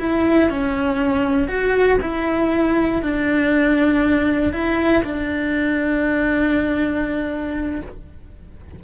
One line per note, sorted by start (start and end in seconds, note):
0.00 0.50 E4
0.50 1.48 C#4
1.48 1.98 F#4
2.01 3.02 E4
3.03 4.53 D4
4.53 5.03 E4
5.04 7.81 D4